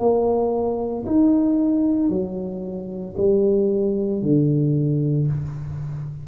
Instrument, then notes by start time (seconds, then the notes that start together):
tuba
0.00 A#3
1.07 D#4
2.10 F#3
3.18 G3
4.22 D3